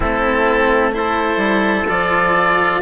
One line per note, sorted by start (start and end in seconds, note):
0.00 1.36 A3
0.00 0.92 C4
0.00 0.93 E4
0.00 0.94 A4
0.92 1.85 E4
0.92 2.81 A4
0.92 1.87 C5
1.36 1.83 G3
1.88 2.81 F3
1.88 2.81 F4
1.88 2.81 D5